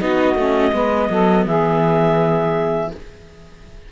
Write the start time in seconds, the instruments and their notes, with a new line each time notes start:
0.00 cello B3, viola D#4, saxophone F#4, clarinet D#5
0.35 cello A3, viola C#4
0.73 cello G#3, viola B3, saxophone B4
1.10 cello F#3, saxophone A4
1.46 cello E3, saxophone G#4, clarinet E5